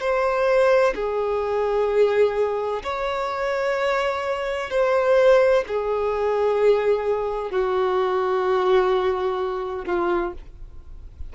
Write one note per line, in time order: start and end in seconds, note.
0.00 0.94 C5
0.95 2.83 G#4
2.83 4.70 C#5
4.70 5.64 C5
5.67 7.51 G#4
7.51 9.86 F#4
9.86 10.33 F4